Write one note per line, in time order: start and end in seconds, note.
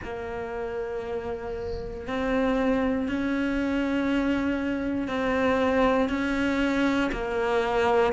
0.03 2.07 A#3
2.07 3.08 C4
3.08 5.08 C#4
5.08 6.09 C4
6.09 7.10 C#4
7.12 8.13 A#3